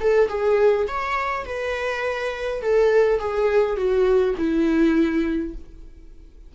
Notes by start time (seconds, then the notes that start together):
0.00 A4
0.29 G#4
0.87 C#5
1.45 B4
2.62 A4
3.19 G#4
3.76 F#4
4.38 E4